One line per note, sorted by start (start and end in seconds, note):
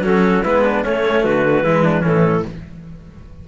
0.00 0.40 F#3
0.00 0.44 C#4
0.00 0.43 F#4
0.00 0.43 A4
0.43 0.85 G#3
0.43 0.84 B3
0.43 0.64 E4
0.43 0.84 B4
0.65 0.84 D4
0.84 1.64 A3
0.84 1.25 A3
0.84 1.24 C#4
0.84 1.23 C#5
1.23 1.63 D3
1.23 1.64 F#4
1.23 2.04 B4
1.63 2.03 E3
1.63 2.01 G#3
1.63 1.84 E4
1.84 2.01 D4
2.01 2.47 A2
2.01 2.42 E3
2.01 2.42 C#4
2.01 2.45 A4